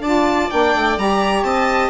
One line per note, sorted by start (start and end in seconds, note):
0.00 0.48 D4
0.00 0.50 F4
0.00 1.45 D5
0.00 0.51 A5
0.50 0.75 A#3
0.50 0.97 D4
0.50 0.98 G5
0.75 0.97 A3
0.97 1.43 G3
0.97 1.90 G4
0.97 1.44 A#5
1.43 1.90 C4
1.43 1.90 D#5
1.43 1.90 A5